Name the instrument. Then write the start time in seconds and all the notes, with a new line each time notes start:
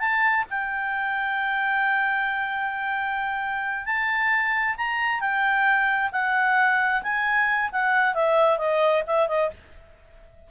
clarinet
0.00 A5
0.50 G5
3.86 A5
4.77 A#5
5.21 G5
6.12 F#5
7.03 G#5
7.72 F#5
8.15 E5
8.58 D#5
9.07 E5
9.28 D#5